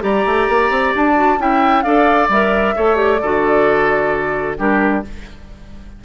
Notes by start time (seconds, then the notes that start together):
0.00 G3 G4 D5 A#5
0.26 A3
0.49 A#3
0.71 C4
0.96 D4 A5
1.16 F#4
1.39 C#4 E4 E5 G5
1.82 D4 A4 D5 F5
2.29 G3 A#4 E5
2.76 A3 A4 C#5
2.96 G4 D5
3.21 D3 F#4 A4
4.58 G3 D4 G4 A#4